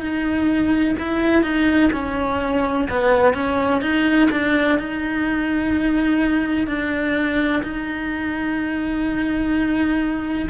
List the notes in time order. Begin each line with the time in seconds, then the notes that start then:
0.00 D#4
0.99 E4
1.43 D#4
1.93 C#4
2.89 B3
3.34 C#4
3.81 D#4
4.31 D4
4.79 D#4
6.67 D4
7.63 D#4